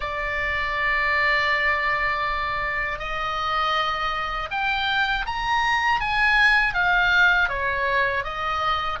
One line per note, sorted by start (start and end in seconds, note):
0.00 2.99 D5
2.99 4.49 D#5
4.50 5.25 G5
5.26 6.00 A#5
6.00 6.74 G#5
6.74 7.48 F5
7.48 8.23 C#5
8.24 8.99 D#5